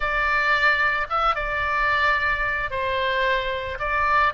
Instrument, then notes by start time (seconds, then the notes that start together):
oboe
0.00 D5
1.09 E5
1.35 D5
2.70 C5
3.79 D5